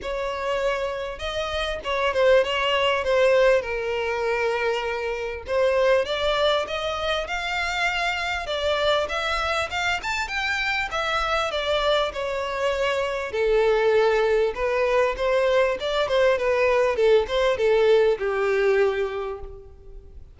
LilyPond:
\new Staff \with { instrumentName = "violin" } { \time 4/4 \tempo 4 = 99 cis''2 dis''4 cis''8 c''8 | cis''4 c''4 ais'2~ | ais'4 c''4 d''4 dis''4 | f''2 d''4 e''4 |
f''8 a''8 g''4 e''4 d''4 | cis''2 a'2 | b'4 c''4 d''8 c''8 b'4 | a'8 c''8 a'4 g'2 | }